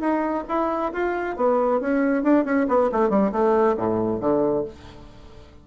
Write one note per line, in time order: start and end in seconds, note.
0.00 0.44 D#4
0.48 0.92 E4
0.93 1.36 F4
1.36 1.80 B3
1.80 2.23 C#4
2.23 2.45 D4
2.45 2.67 C#4
2.68 2.90 B3
2.92 3.10 A3
3.10 3.32 G3
3.32 3.76 A3
3.77 4.21 A2
4.21 4.65 D3